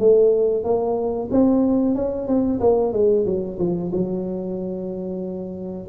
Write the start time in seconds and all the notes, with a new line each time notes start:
0.00 A3
0.64 A#3
1.31 C4
1.96 C#4
2.28 C4
2.61 A#3
2.93 G#3
3.26 F#3
3.59 F3
3.93 F#3